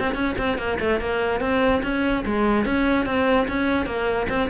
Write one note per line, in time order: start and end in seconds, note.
0.00 0.15 C4
0.15 0.35 C#4
0.38 0.58 C4
0.58 0.79 A#3
0.80 1.01 A3
1.01 1.41 A#3
1.41 1.82 C4
1.83 2.25 C#4
2.26 2.66 G#3
2.66 3.06 C#4
3.06 3.47 C4
3.48 3.86 C#4
3.86 4.28 A#3
4.29 4.50 C4